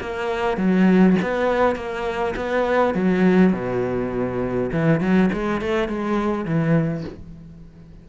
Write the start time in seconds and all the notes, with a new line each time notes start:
0.00 A#3
0.57 F#3
1.22 B3
1.75 A#3
2.36 B3
2.94 F#3
3.52 B2
4.72 E3
5.00 F#3
5.32 G#3
5.61 A3
5.88 G#3
6.45 E3